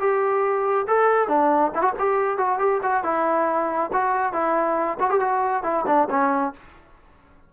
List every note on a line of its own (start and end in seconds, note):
0.00 0.87 G4
0.88 1.28 A4
1.28 1.72 D4
1.75 1.82 E4
1.82 1.93 F#4
1.99 2.38 G4
2.38 2.59 F#4
2.59 2.81 G4
2.83 3.04 F#4
3.04 3.91 E4
3.93 4.33 F#4
4.33 4.99 E4
5.00 5.10 F#4
5.10 5.21 G4
5.21 5.64 F#4
5.64 5.86 E4
5.87 6.09 D4
6.10 6.54 C#4